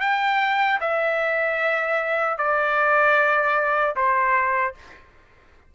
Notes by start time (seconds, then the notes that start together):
0.00 G5
0.80 E5
2.37 D5
3.95 C5